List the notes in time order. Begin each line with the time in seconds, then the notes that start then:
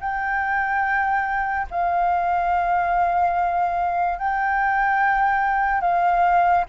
0.00 G5
1.70 F5
4.18 G5
5.81 F5